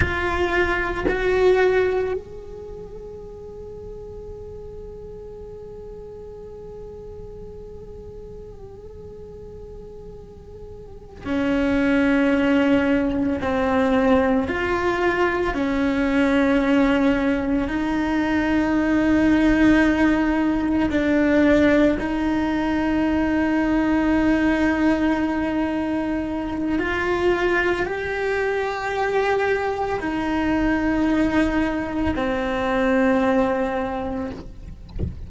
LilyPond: \new Staff \with { instrumentName = "cello" } { \time 4/4 \tempo 4 = 56 f'4 fis'4 gis'2~ | gis'1~ | gis'2~ gis'8 cis'4.~ | cis'8 c'4 f'4 cis'4.~ |
cis'8 dis'2. d'8~ | d'8 dis'2.~ dis'8~ | dis'4 f'4 g'2 | dis'2 c'2 | }